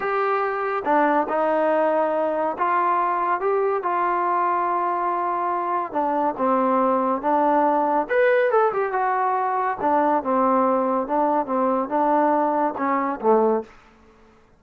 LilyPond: \new Staff \with { instrumentName = "trombone" } { \time 4/4 \tempo 4 = 141 g'2 d'4 dis'4~ | dis'2 f'2 | g'4 f'2.~ | f'2 d'4 c'4~ |
c'4 d'2 b'4 | a'8 g'8 fis'2 d'4 | c'2 d'4 c'4 | d'2 cis'4 a4 | }